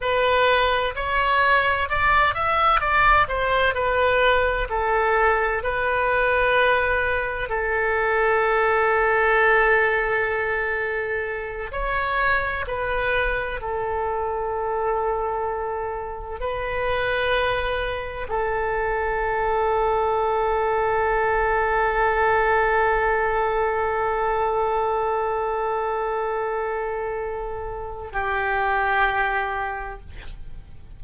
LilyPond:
\new Staff \with { instrumentName = "oboe" } { \time 4/4 \tempo 4 = 64 b'4 cis''4 d''8 e''8 d''8 c''8 | b'4 a'4 b'2 | a'1~ | a'8 cis''4 b'4 a'4.~ |
a'4. b'2 a'8~ | a'1~ | a'1~ | a'2 g'2 | }